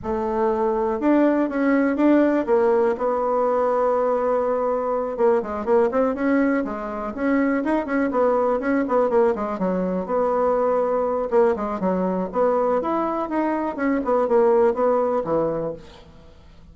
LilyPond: \new Staff \with { instrumentName = "bassoon" } { \time 4/4 \tempo 4 = 122 a2 d'4 cis'4 | d'4 ais4 b2~ | b2~ b8 ais8 gis8 ais8 | c'8 cis'4 gis4 cis'4 dis'8 |
cis'8 b4 cis'8 b8 ais8 gis8 fis8~ | fis8 b2~ b8 ais8 gis8 | fis4 b4 e'4 dis'4 | cis'8 b8 ais4 b4 e4 | }